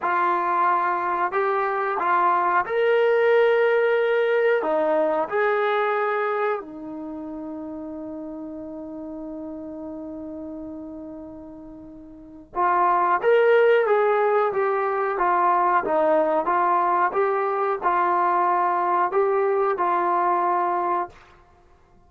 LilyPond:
\new Staff \with { instrumentName = "trombone" } { \time 4/4 \tempo 4 = 91 f'2 g'4 f'4 | ais'2. dis'4 | gis'2 dis'2~ | dis'1~ |
dis'2. f'4 | ais'4 gis'4 g'4 f'4 | dis'4 f'4 g'4 f'4~ | f'4 g'4 f'2 | }